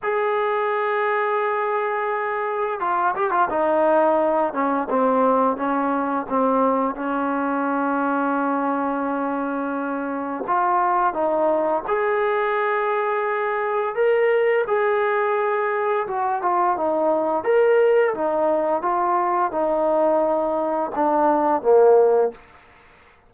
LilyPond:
\new Staff \with { instrumentName = "trombone" } { \time 4/4 \tempo 4 = 86 gis'1 | f'8 g'16 f'16 dis'4. cis'8 c'4 | cis'4 c'4 cis'2~ | cis'2. f'4 |
dis'4 gis'2. | ais'4 gis'2 fis'8 f'8 | dis'4 ais'4 dis'4 f'4 | dis'2 d'4 ais4 | }